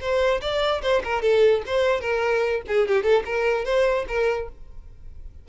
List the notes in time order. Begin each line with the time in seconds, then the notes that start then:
0.00 C5
0.41 D5
0.82 C5
1.04 A#4
1.22 A4
1.66 C5
2.00 A#4
2.67 G#4
2.88 G4
3.03 A4
3.25 A#4
3.64 C5
4.08 A#4